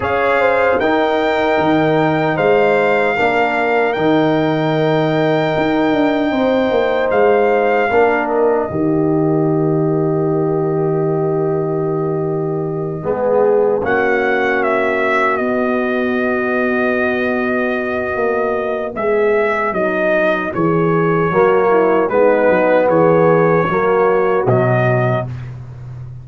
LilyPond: <<
  \new Staff \with { instrumentName = "trumpet" } { \time 4/4 \tempo 4 = 76 f''4 g''2 f''4~ | f''4 g''2.~ | g''4 f''4. dis''4.~ | dis''1~ |
dis''4. fis''4 e''4 dis''8~ | dis''1 | e''4 dis''4 cis''2 | b'4 cis''2 dis''4 | }
  \new Staff \with { instrumentName = "horn" } { \time 4/4 cis''8 c''8 ais'2 c''4 | ais'1 | c''2 ais'4 g'4~ | g'1~ |
g'8 gis'4 fis'2~ fis'8~ | fis'1 | gis'4 dis'4 gis'4 fis'8 e'8 | dis'4 gis'4 fis'2 | }
  \new Staff \with { instrumentName = "trombone" } { \time 4/4 gis'4 dis'2. | d'4 dis'2.~ | dis'2 d'4 ais4~ | ais1~ |
ais8 b4 cis'2 b8~ | b1~ | b2. ais4 | b2 ais4 fis4 | }
  \new Staff \with { instrumentName = "tuba" } { \time 4/4 cis'4 dis'4 dis4 gis4 | ais4 dis2 dis'8 d'8 | c'8 ais8 gis4 ais4 dis4~ | dis1~ |
dis8 gis4 ais2 b8~ | b2. ais4 | gis4 fis4 e4 fis4 | gis8 fis8 e4 fis4 b,4 | }
>>